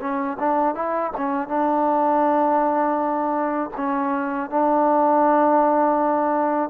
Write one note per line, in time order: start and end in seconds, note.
0.00 0.37 C#4
0.39 0.74 D4
0.74 1.11 E4
1.17 1.48 C#4
1.48 3.70 D4
3.76 4.50 C#4
4.50 6.69 D4